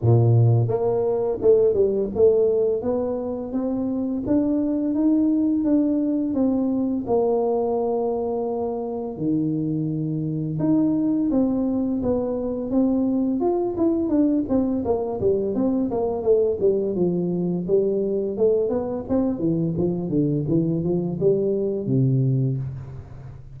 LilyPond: \new Staff \with { instrumentName = "tuba" } { \time 4/4 \tempo 4 = 85 ais,4 ais4 a8 g8 a4 | b4 c'4 d'4 dis'4 | d'4 c'4 ais2~ | ais4 dis2 dis'4 |
c'4 b4 c'4 f'8 e'8 | d'8 c'8 ais8 g8 c'8 ais8 a8 g8 | f4 g4 a8 b8 c'8 e8 | f8 d8 e8 f8 g4 c4 | }